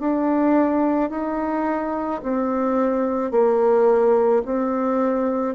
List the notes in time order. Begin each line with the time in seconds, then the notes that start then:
0.00 D4
1.11 D#4
2.23 C4
3.31 A#3
4.45 C4